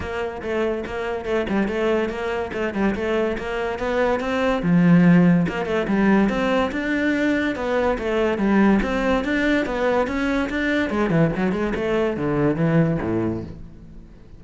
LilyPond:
\new Staff \with { instrumentName = "cello" } { \time 4/4 \tempo 4 = 143 ais4 a4 ais4 a8 g8 | a4 ais4 a8 g8 a4 | ais4 b4 c'4 f4~ | f4 ais8 a8 g4 c'4 |
d'2 b4 a4 | g4 c'4 d'4 b4 | cis'4 d'4 gis8 e8 fis8 gis8 | a4 d4 e4 a,4 | }